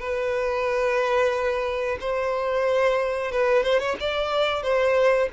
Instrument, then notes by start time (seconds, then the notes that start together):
violin
0.00 B4
2.00 C5
3.31 B4
3.63 C5
3.79 C#5
4.00 D5
4.63 C5